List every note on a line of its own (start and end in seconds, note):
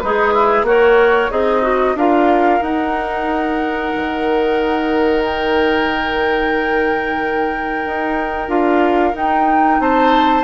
0.00 0.62 G#3
0.00 0.33 D#4
0.00 0.67 G#4
0.00 0.65 B4
0.33 0.66 E4
0.62 1.28 A#3
0.62 1.31 F#4
0.62 1.31 A#4
0.62 1.32 C#5
1.31 1.95 C4
1.31 1.96 D#4
1.31 1.62 G#4
1.31 1.97 D#5
1.62 1.95 F#4
1.95 2.60 D4
1.95 2.61 F4
1.95 9.81 A#4
1.95 2.63 F5
2.61 8.48 D#4
2.61 3.92 D#4
2.61 5.24 F#5
3.96 7.86 D#3
5.24 8.50 G5
7.86 8.48 D#4
8.48 9.13 D4
8.48 9.13 F4
8.48 9.15 F5
9.13 10.44 D#4
9.13 9.79 D#4
9.13 9.81 G5
9.79 10.44 C4
9.79 10.44 C5
9.79 10.44 A5